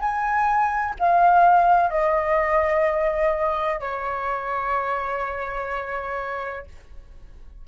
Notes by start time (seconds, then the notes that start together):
0.00 G#5
1.00 F5
1.90 D#5
3.80 C#5